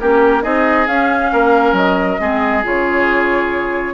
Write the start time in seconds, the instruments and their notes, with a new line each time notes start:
0.00 bassoon A#3, clarinet C#4, oboe G4, flute A#4
0.42 bassoon C4, clarinet D#4, oboe G#4, flute D#5
0.87 bassoon C#4, clarinet C#4, flute F5
1.33 bassoon A#3, oboe A#4
1.73 bassoon F#3, flute D#5
2.20 bassoon G#3, clarinet C4, oboe G#4
2.64 bassoon C#3, clarinet F4, flute C#5